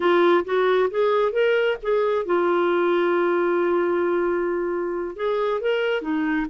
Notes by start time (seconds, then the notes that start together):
0.00 F4
0.45 F#4
0.90 G#4
1.32 A#4
1.82 G#4
2.25 F4
5.16 G#4
5.61 A#4
6.01 D#4